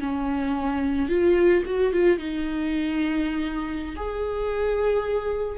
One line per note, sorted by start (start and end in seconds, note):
0.00 1.09 C#4
1.09 1.63 F4
1.65 1.92 F#4
1.92 2.18 F4
2.18 3.95 D#4
3.96 5.58 G#4